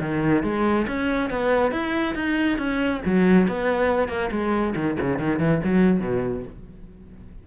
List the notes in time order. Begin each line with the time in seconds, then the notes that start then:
0.00 D#3
0.43 G#3
0.87 C#4
1.30 B3
1.72 E4
2.15 D#4
2.58 C#4
3.05 F#3
3.48 B3
4.08 A#3
4.31 G#3
4.76 D#3
5.00 C#3
5.19 D#3
5.39 E3
5.64 F#3
6.00 B2